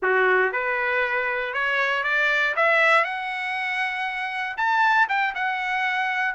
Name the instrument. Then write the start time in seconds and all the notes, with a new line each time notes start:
trumpet
0.02 F#4
0.52 B4
1.53 C#5
2.03 D5
2.56 E5
3.04 F#5
4.57 A5
5.08 G5
5.34 F#5